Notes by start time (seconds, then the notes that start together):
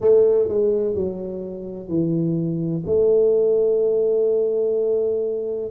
0.00 A3
0.48 G#3
0.94 F#3
1.88 E3
2.86 A3